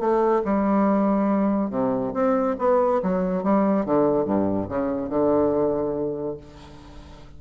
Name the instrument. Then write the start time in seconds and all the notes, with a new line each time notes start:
bassoon
0.00 A3
0.45 G3
1.71 C3
2.14 C4
2.59 B3
3.03 F#3
3.44 G3
3.86 D3
4.25 G2
4.69 C#3
5.10 D3